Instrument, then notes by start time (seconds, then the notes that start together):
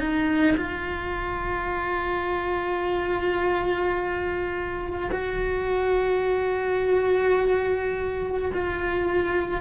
cello
0.00 D#4
0.57 F4
5.12 F#4
8.54 F4